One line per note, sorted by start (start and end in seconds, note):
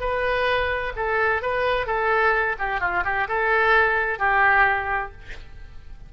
0.00 0.93 B4
0.96 1.42 A4
1.42 1.86 B4
1.86 2.56 A4
2.59 2.80 G4
2.80 3.04 F4
3.04 3.28 G4
3.28 4.19 A4
4.19 5.12 G4